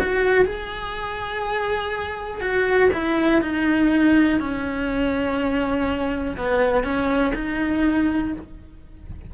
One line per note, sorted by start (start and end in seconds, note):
0.00 0.46 F#4
0.46 2.41 G#4
2.41 2.90 F#4
2.93 3.42 E4
3.42 4.40 D#4
4.40 6.37 C#4
6.38 6.85 B3
6.85 7.34 C#4
7.35 8.33 D#4